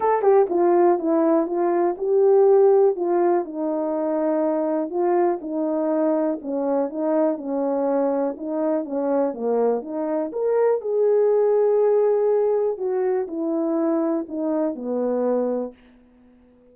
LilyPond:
\new Staff \with { instrumentName = "horn" } { \time 4/4 \tempo 4 = 122 a'8 g'8 f'4 e'4 f'4 | g'2 f'4 dis'4~ | dis'2 f'4 dis'4~ | dis'4 cis'4 dis'4 cis'4~ |
cis'4 dis'4 cis'4 ais4 | dis'4 ais'4 gis'2~ | gis'2 fis'4 e'4~ | e'4 dis'4 b2 | }